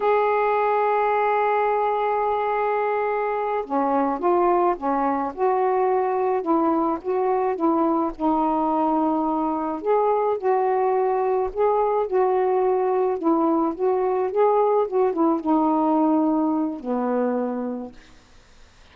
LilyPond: \new Staff \with { instrumentName = "saxophone" } { \time 4/4 \tempo 4 = 107 gis'1~ | gis'2~ gis'8 cis'4 f'8~ | f'8 cis'4 fis'2 e'8~ | e'8 fis'4 e'4 dis'4.~ |
dis'4. gis'4 fis'4.~ | fis'8 gis'4 fis'2 e'8~ | e'8 fis'4 gis'4 fis'8 e'8 dis'8~ | dis'2 b2 | }